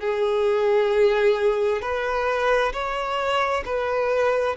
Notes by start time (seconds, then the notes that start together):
0.00 G#4
1.82 B4
2.73 C#5
3.65 B4